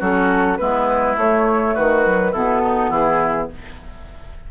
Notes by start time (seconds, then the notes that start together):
0.00 F#3 C#4 F#4 A4
0.58 G#3 B3 E4 B4
1.17 A3 C#5
1.75 D#3 F#4 B4
2.05 F#3
2.32 B2 B3 E4 A4
2.64 D#4
2.90 E3 E4 G#4